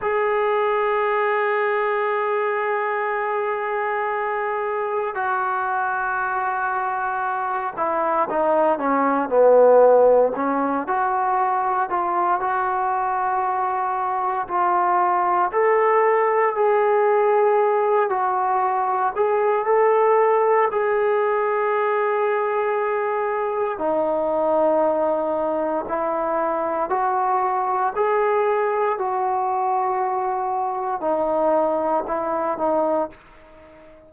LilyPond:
\new Staff \with { instrumentName = "trombone" } { \time 4/4 \tempo 4 = 58 gis'1~ | gis'4 fis'2~ fis'8 e'8 | dis'8 cis'8 b4 cis'8 fis'4 f'8 | fis'2 f'4 a'4 |
gis'4. fis'4 gis'8 a'4 | gis'2. dis'4~ | dis'4 e'4 fis'4 gis'4 | fis'2 dis'4 e'8 dis'8 | }